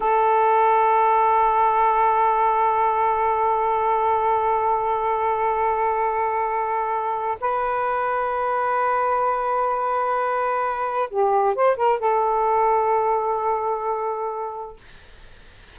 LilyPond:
\new Staff \with { instrumentName = "saxophone" } { \time 4/4 \tempo 4 = 130 a'1~ | a'1~ | a'1~ | a'1 |
b'1~ | b'1 | g'4 c''8 ais'8 a'2~ | a'1 | }